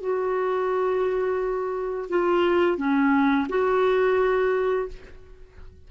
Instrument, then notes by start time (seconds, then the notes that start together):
clarinet
0.00 F#4
2.10 F4
2.77 C#4
3.49 F#4